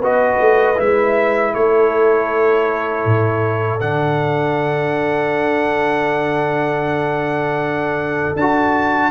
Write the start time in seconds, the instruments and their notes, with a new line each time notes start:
0.00 tuba B3, trombone F#4, horn B4, trumpet D#5
0.41 tuba A3
0.76 tuba G#3, trombone E4, trumpet E5
1.55 tuba A3, horn A4, trumpet C#5
3.06 tuba A2
3.81 tuba D3, trombone D4, trumpet F#5
8.36 tuba D4, trombone F#4, trumpet A5